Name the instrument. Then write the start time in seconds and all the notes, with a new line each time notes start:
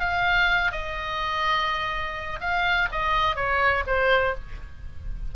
oboe
0.00 F5
0.72 D#5
2.41 F5
2.92 D#5
3.36 C#5
3.87 C5